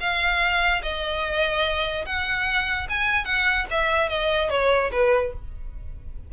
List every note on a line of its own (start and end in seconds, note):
0.00 0.82 F5
0.83 2.05 D#5
2.06 2.87 F#5
2.89 3.25 G#5
3.25 3.66 F#5
3.71 4.09 E5
4.09 4.50 D#5
4.50 4.90 C#5
4.92 5.33 B4